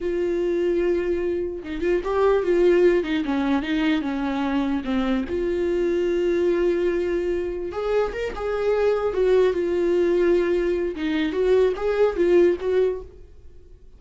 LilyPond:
\new Staff \with { instrumentName = "viola" } { \time 4/4 \tempo 4 = 148 f'1 | dis'8 f'8 g'4 f'4. dis'8 | cis'4 dis'4 cis'2 | c'4 f'2.~ |
f'2. gis'4 | ais'8 gis'2 fis'4 f'8~ | f'2. dis'4 | fis'4 gis'4 f'4 fis'4 | }